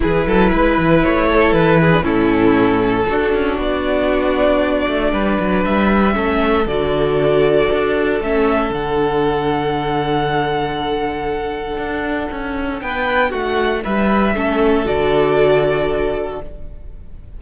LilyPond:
<<
  \new Staff \with { instrumentName = "violin" } { \time 4/4 \tempo 4 = 117 b'2 cis''4 b'4 | a'2. d''4~ | d''2. e''4~ | e''4 d''2. |
e''4 fis''2.~ | fis''1~ | fis''4 g''4 fis''4 e''4~ | e''4 d''2. | }
  \new Staff \with { instrumentName = "violin" } { \time 4/4 gis'8 a'8 b'4. a'4 gis'8 | e'2 fis'2~ | fis'2 b'2 | a'1~ |
a'1~ | a'1~ | a'4 b'4 fis'4 b'4 | a'1 | }
  \new Staff \with { instrumentName = "viola" } { \time 4/4 e'2.~ e'8. d'16 | cis'2 d'2~ | d'1 | cis'4 fis'2. |
cis'4 d'2.~ | d'1~ | d'1 | cis'4 fis'2. | }
  \new Staff \with { instrumentName = "cello" } { \time 4/4 e8 fis8 gis8 e8 a4 e4 | a,2 d'8 cis'8 b4~ | b4. a8 g8 fis8 g4 | a4 d2 d'4 |
a4 d2.~ | d2. d'4 | cis'4 b4 a4 g4 | a4 d2. | }
>>